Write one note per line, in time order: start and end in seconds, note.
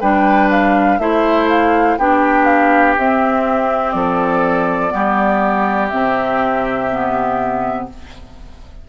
0.00 0.99 G3
0.00 1.00 D4
0.00 0.98 B4
0.00 0.49 G5
0.50 0.99 F5
0.99 1.97 A3
0.99 1.98 E4
0.99 1.99 C5
0.99 1.49 E5
1.49 1.98 F5
1.98 2.96 B3
1.98 2.98 D4
1.98 3.95 G4
1.98 2.45 G5
2.45 2.94 F5
2.98 3.94 C4
2.98 4.90 C4
2.98 3.91 E5
3.91 4.92 F3
3.91 4.93 A4
3.91 5.87 D5
4.90 5.92 G3
4.90 5.89 B3
4.90 7.89 G4
5.88 7.89 C3
5.88 6.90 C4
5.88 7.85 E5
6.91 7.89 B3